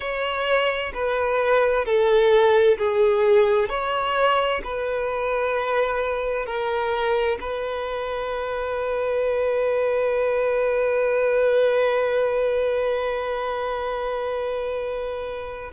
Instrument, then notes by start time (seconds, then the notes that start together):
violin
0.00 C#5
0.94 B4
1.85 A4
2.78 G#4
3.69 C#5
4.64 B4
6.46 A#4
7.41 B4